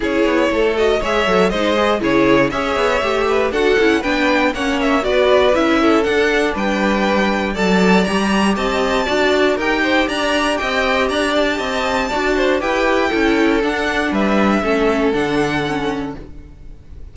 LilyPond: <<
  \new Staff \with { instrumentName = "violin" } { \time 4/4 \tempo 4 = 119 cis''4. dis''8 e''4 dis''4 | cis''4 e''2 fis''4 | g''4 fis''8 e''8 d''4 e''4 | fis''4 g''2 a''4 |
ais''4 a''2 g''4 | ais''4 g''4 ais''8 a''4.~ | a''4 g''2 fis''4 | e''2 fis''2 | }
  \new Staff \with { instrumentName = "violin" } { \time 4/4 gis'4 a'4 cis''4 c''4 | gis'4 cis''4. b'8 a'4 | b'4 cis''4 b'4. a'8~ | a'4 b'2 d''4~ |
d''4 dis''4 d''4 ais'8 c''8 | d''4 dis''4 d''4 dis''4 | d''8 c''8 b'4 a'2 | b'4 a'2. | }
  \new Staff \with { instrumentName = "viola" } { \time 4/4 e'4. fis'8 gis'8 a'8 dis'8 gis'8 | e'4 gis'4 g'4 fis'8 e'8 | d'4 cis'4 fis'4 e'4 | d'2. a'4 |
g'2 fis'4 g'4~ | g'1 | fis'4 g'4 e'4 d'4~ | d'4 cis'4 d'4 cis'4 | }
  \new Staff \with { instrumentName = "cello" } { \time 4/4 cis'8 b8 a4 gis8 fis8 gis4 | cis4 cis'8 b8 a4 d'8 cis'8 | b4 ais4 b4 cis'4 | d'4 g2 fis4 |
g4 c'4 d'4 dis'4 | d'4 c'4 d'4 c'4 | d'4 e'4 cis'4 d'4 | g4 a4 d2 | }
>>